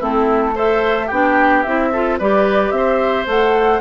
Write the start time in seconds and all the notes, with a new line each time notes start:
0.00 A3 C4 E4 A4
0.55 A4 C5 E5
1.06 B3 D4 G4 G5
1.63 C4 E4 E5
1.92 F4 A4
2.19 G3 G4 B4 D5
2.71 C4 E5
2.77 C5
3.26 A3 A4 F#5